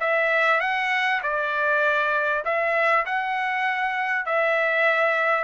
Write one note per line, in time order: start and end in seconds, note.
0.00 0.61 E5
0.61 1.21 F#5
1.23 2.44 D5
2.45 3.06 E5
3.06 4.25 F#5
4.25 5.44 E5